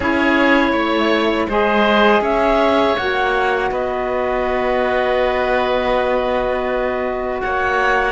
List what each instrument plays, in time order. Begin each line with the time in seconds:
0.00 cello C#4, saxophone E4, oboe G#4, clarinet C#5
0.71 cello A3, oboe C#5
1.48 cello G#3, saxophone G#4, oboe C5, clarinet D#5
2.21 cello C#4, oboe C#5, clarinet E5
2.97 cello A#3, saxophone F#4, clarinet F#5
3.71 cello B3, oboe B4, clarinet D#5
7.40 cello A#3, oboe C#5, clarinet F#5